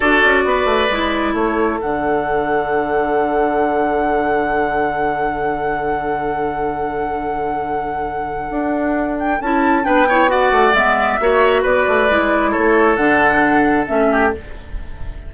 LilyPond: <<
  \new Staff \with { instrumentName = "flute" } { \time 4/4 \tempo 4 = 134 d''2. cis''4 | fis''1~ | fis''1~ | fis''1~ |
fis''1~ | fis''8 g''8 a''4 g''4 fis''4 | e''2 d''2 | cis''4 fis''2 e''4 | }
  \new Staff \with { instrumentName = "oboe" } { \time 4/4 a'4 b'2 a'4~ | a'1~ | a'1~ | a'1~ |
a'1~ | a'2 b'8 cis''8 d''4~ | d''4 cis''4 b'2 | a'2.~ a'8 g'8 | }
  \new Staff \with { instrumentName = "clarinet" } { \time 4/4 fis'2 e'2 | d'1~ | d'1~ | d'1~ |
d'1~ | d'4 e'4 d'8 e'8 fis'4 | b4 fis'2 e'4~ | e'4 d'2 cis'4 | }
  \new Staff \with { instrumentName = "bassoon" } { \time 4/4 d'8 cis'8 b8 a8 gis4 a4 | d1~ | d1~ | d1~ |
d2. d'4~ | d'4 cis'4 b4. a8 | gis4 ais4 b8 a8 gis4 | a4 d2 a4 | }
>>